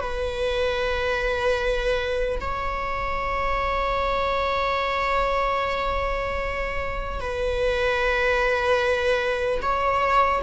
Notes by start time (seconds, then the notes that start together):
0.00 B4
2.40 C#5
7.20 B4
9.62 C#5